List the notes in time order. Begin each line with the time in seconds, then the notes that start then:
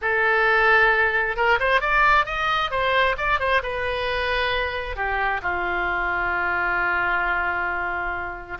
0.01 A4
1.36 A#4
1.59 C5
1.80 D5
2.25 D#5
2.70 C5
3.17 D5
3.39 C5
3.62 B4
4.95 G4
5.42 F4